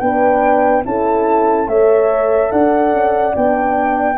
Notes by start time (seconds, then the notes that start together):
0.00 B3 D4 B4 G5
0.84 C#4 E4 A4 A5
1.68 A3 A4 C#5 E5
2.52 D4 D5 F#5
2.93 C#4
3.34 B3 D4 G5